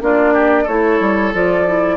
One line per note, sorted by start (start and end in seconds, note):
0.00 0.66 A#3
0.00 0.66 D4
0.00 0.33 F4
0.00 0.67 D5
0.33 0.63 G4
0.63 1.00 A3
0.63 1.34 E4
0.63 1.95 A4
0.63 1.33 C#5
1.00 1.33 G3
1.33 1.96 F3
1.33 1.66 F4
1.33 1.96 D5
1.66 1.96 E4